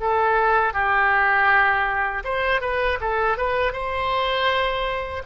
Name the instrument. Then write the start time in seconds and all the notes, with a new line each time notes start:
oboe
0.00 A4
0.73 G4
2.24 C5
2.61 B4
3.01 A4
3.37 B4
3.73 C5